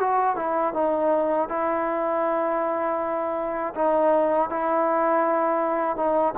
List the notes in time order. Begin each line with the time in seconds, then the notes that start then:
0.00 F#4
0.36 E4
0.74 D#4
1.49 E4
3.75 D#4
4.50 E4
5.97 D#4